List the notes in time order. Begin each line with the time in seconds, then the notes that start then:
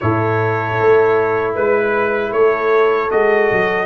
0.00 A2 E4 A4 C#5
0.80 A3
1.54 G#3 B4
2.31 A3 A4 C#5
3.10 G#3 F#4 D#5
3.51 F#3